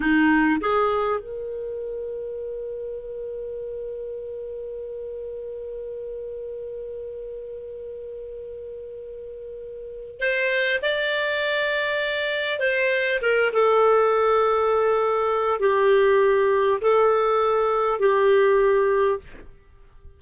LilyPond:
\new Staff \with { instrumentName = "clarinet" } { \time 4/4 \tempo 4 = 100 dis'4 gis'4 ais'2~ | ais'1~ | ais'1~ | ais'1~ |
ais'4 c''4 d''2~ | d''4 c''4 ais'8 a'4.~ | a'2 g'2 | a'2 g'2 | }